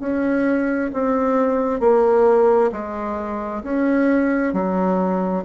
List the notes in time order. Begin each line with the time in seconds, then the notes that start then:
0.00 C#4
0.93 C4
1.80 A#3
2.72 G#3
3.63 C#4
4.53 F#3